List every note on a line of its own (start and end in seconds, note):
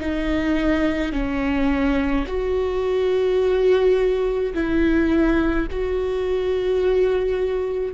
0.00 1.12 D#4
1.12 2.25 C#4
2.27 4.53 F#4
4.54 5.67 E4
5.71 7.93 F#4